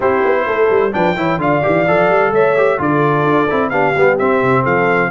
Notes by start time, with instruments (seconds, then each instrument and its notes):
0.00 tuba C4, trombone E4, horn G4, trumpet C5
0.24 tuba B3
0.46 tuba A3, horn A4
0.70 tuba G3
0.92 tuba F3, trombone D4, horn B4, trumpet G5
1.16 tuba E3, trombone E4, horn C#5
1.37 tuba D3, trombone F4, horn D5, trumpet F5
1.62 tuba E3, trombone G4
1.87 tuba F3, trombone A4
2.09 tuba G3
2.32 tuba A3, horn C#5, trumpet E5
2.56 trombone G4
2.78 tuba D3, trombone F4, horn A4, trumpet D5
3.23 tuba D4
3.49 tuba C4, trombone E4
3.69 tuba B3, trombone D4, horn G4, trumpet F5
3.95 tuba G3, trombone B3
4.18 tuba C4, trombone C4, trumpet E5
4.42 tuba C3
4.62 tuba F3, horn A4, trumpet F5